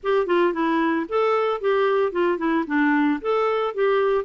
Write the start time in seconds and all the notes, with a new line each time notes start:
0.03 G4
0.26 F4
0.53 E4
1.09 A4
1.60 G4
2.12 F4
2.38 E4
2.67 D4
3.21 A4
3.74 G4